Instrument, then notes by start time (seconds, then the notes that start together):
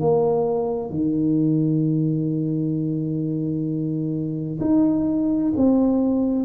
tuba
0.00 A#3
0.90 D#3
4.61 D#4
5.56 C4